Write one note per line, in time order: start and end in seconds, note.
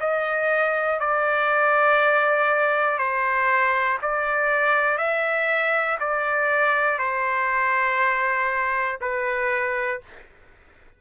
0.00 1.00 D#5
1.00 2.99 D5
2.99 3.99 C5
4.02 4.98 D5
4.98 5.98 E5
6.00 6.99 D5
6.99 8.99 C5
9.01 10.01 B4